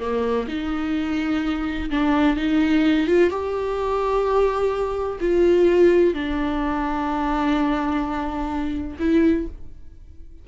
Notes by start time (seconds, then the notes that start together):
0.00 A#3
0.49 D#4
1.91 D4
2.37 D#4
3.08 F4
3.30 G4
5.21 F4
6.14 D4
9.00 E4